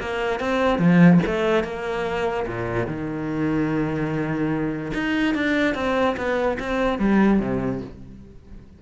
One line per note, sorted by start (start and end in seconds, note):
0.00 0.40 A#3
0.40 0.79 C4
0.79 1.20 F3
1.26 1.64 A3
1.64 2.46 A#3
2.47 2.87 A#2
2.87 4.92 D#3
4.94 5.35 D#4
5.35 5.75 D4
5.75 6.16 C4
6.17 6.58 B3
6.60 6.99 C4
6.99 7.40 G3
7.40 7.81 C3